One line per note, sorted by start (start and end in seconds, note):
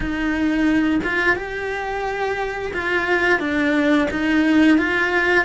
0.00 1.00 D#4
1.03 1.36 F4
1.36 2.72 G4
2.73 3.39 F4
3.39 4.08 D4
4.11 4.78 D#4
4.78 5.45 F4